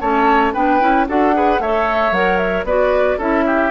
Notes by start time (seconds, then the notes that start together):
0.00 A3 C#4 C#5 A5
0.54 B3 D4 B4 G5
0.81 C#4 E4
1.08 D4 F#4 A4 F#5
1.34 G#4 B4
1.59 A3 A4 C#5 E5
2.11 F#3 A#4 F#5
2.38 E5
2.64 B3 F#4 B4 D5
3.18 C#4 E4 A4 E5
3.47 G4